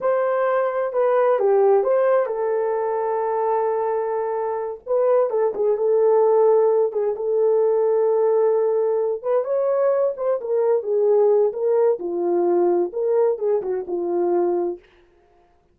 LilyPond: \new Staff \with { instrumentName = "horn" } { \time 4/4 \tempo 4 = 130 c''2 b'4 g'4 | c''4 a'2.~ | a'2~ a'8 b'4 a'8 | gis'8 a'2~ a'8 gis'8 a'8~ |
a'1 | b'8 cis''4. c''8 ais'4 gis'8~ | gis'4 ais'4 f'2 | ais'4 gis'8 fis'8 f'2 | }